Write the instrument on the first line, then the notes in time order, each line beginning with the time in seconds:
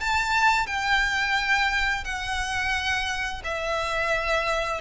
violin
0.00 A5
0.66 G5
2.04 F#5
3.44 E5